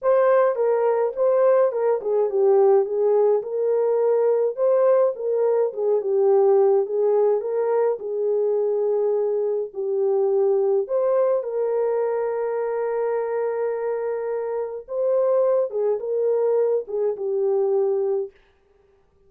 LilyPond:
\new Staff \with { instrumentName = "horn" } { \time 4/4 \tempo 4 = 105 c''4 ais'4 c''4 ais'8 gis'8 | g'4 gis'4 ais'2 | c''4 ais'4 gis'8 g'4. | gis'4 ais'4 gis'2~ |
gis'4 g'2 c''4 | ais'1~ | ais'2 c''4. gis'8 | ais'4. gis'8 g'2 | }